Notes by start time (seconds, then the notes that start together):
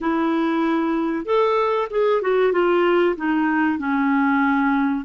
0.01 E4
1.25 A4
1.90 G#4
2.21 F#4
2.52 F4
3.16 D#4
3.78 C#4